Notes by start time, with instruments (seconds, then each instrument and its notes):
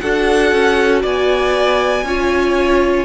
0.00 cello D4, viola F#4, violin A4 F#5
0.52 cello C#4
1.02 cello B3, violin D5 G#5
2.04 cello C#4, viola F4, violin C#5